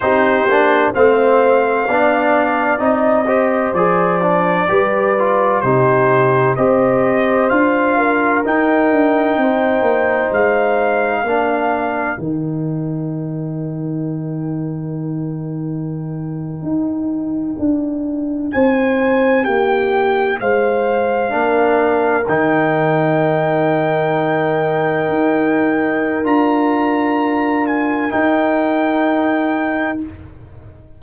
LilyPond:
<<
  \new Staff \with { instrumentName = "trumpet" } { \time 4/4 \tempo 4 = 64 c''4 f''2 dis''4 | d''2 c''4 dis''4 | f''4 g''2 f''4~ | f''4 g''2.~ |
g''2.~ g''8. gis''16~ | gis''8. g''4 f''2 g''16~ | g''1 | ais''4. gis''8 g''2 | }
  \new Staff \with { instrumentName = "horn" } { \time 4/4 g'4 c''4 d''4. c''8~ | c''4 b'4 g'4 c''4~ | c''8 ais'4. c''2 | ais'1~ |
ais'2.~ ais'8. c''16~ | c''8. g'4 c''4 ais'4~ ais'16~ | ais'1~ | ais'1 | }
  \new Staff \with { instrumentName = "trombone" } { \time 4/4 dis'8 d'8 c'4 d'4 dis'8 g'8 | gis'8 d'8 g'8 f'8 dis'4 g'4 | f'4 dis'2. | d'4 dis'2.~ |
dis'1~ | dis'2~ dis'8. d'4 dis'16~ | dis'1 | f'2 dis'2 | }
  \new Staff \with { instrumentName = "tuba" } { \time 4/4 c'8 ais8 a4 b4 c'4 | f4 g4 c4 c'4 | d'4 dis'8 d'8 c'8 ais8 gis4 | ais4 dis2.~ |
dis4.~ dis16 dis'4 d'4 c'16~ | c'8. ais4 gis4 ais4 dis16~ | dis2~ dis8. dis'4~ dis'16 | d'2 dis'2 | }
>>